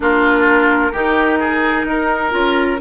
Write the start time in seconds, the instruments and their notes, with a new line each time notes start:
0.00 bassoon A#3, clarinet D4, oboe F4, flute A#4
0.91 bassoon D#3, clarinet D#4, oboe G4
1.39 oboe G#4
1.84 bassoon D#4, oboe A#4
2.30 bassoon C#4, clarinet F4